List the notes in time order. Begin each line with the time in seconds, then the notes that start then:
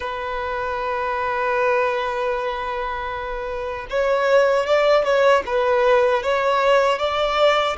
0.00 B4
3.90 C#5
4.66 D5
5.04 C#5
5.46 B4
6.22 C#5
6.98 D5